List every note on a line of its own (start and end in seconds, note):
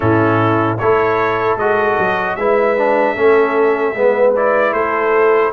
0.00 0.79 A2
0.00 0.77 C#4
0.00 0.79 E4
0.00 0.77 A4
0.78 1.56 A3
0.78 1.59 E4
0.78 2.37 A4
0.78 1.57 C#5
1.56 1.95 G#3
1.56 2.38 F#4
1.56 2.35 D#5
1.98 2.36 F#3
2.35 3.15 G#3
2.35 2.77 E4
2.35 3.14 B4
2.35 4.33 E5
2.77 3.16 D4
3.14 3.94 A3
3.14 3.95 C#4
3.14 3.93 A4
3.94 4.72 G#3
3.94 4.35 B3
3.94 4.73 B4
4.35 5.52 E4
4.35 4.73 D5
4.72 5.51 A3
4.72 5.52 A4
4.72 5.52 C5